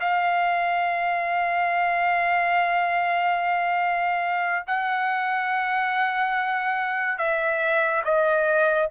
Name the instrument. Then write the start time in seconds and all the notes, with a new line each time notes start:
trumpet
0.00 F5
4.67 F#5
7.18 E5
8.04 D#5